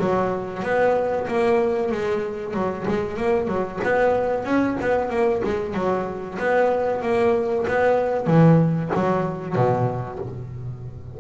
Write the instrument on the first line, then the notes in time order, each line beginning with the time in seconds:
double bass
0.00 F#3
0.63 B3
1.28 A#3
1.92 G#3
2.54 F#3
2.88 G#3
3.18 A#3
3.48 F#3
3.84 B3
4.45 C#4
4.81 B3
5.10 A#3
5.45 G#3
5.74 F#3
6.39 B3
7.02 A#3
7.68 B3
8.27 E3
8.95 F#3
9.56 B2